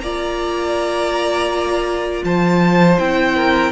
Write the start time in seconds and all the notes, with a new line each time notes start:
0.00 A#3 F4 D5 A#5
2.24 F3 C5 A5
2.99 C4 E4 G5
3.36 A#4